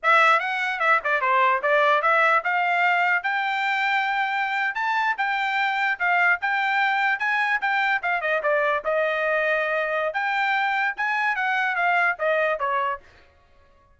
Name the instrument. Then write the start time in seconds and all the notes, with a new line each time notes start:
trumpet
0.02 E5
0.39 F#5
0.79 E5
1.04 D5
1.21 C5
1.62 D5
2.02 E5
2.44 F5
3.23 G5
4.75 A5
5.17 G5
5.99 F5
6.41 G5
7.19 G#5
7.61 G5
8.02 F5
8.21 D#5
8.42 D5
8.84 D#5
10.13 G5
10.96 G#5
11.35 F#5
11.75 F5
12.18 D#5
12.59 C#5